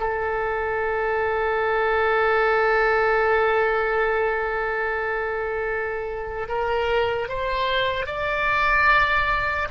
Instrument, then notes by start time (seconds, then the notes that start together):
oboe
0.00 A4
6.49 A#4
7.29 C5
8.06 D5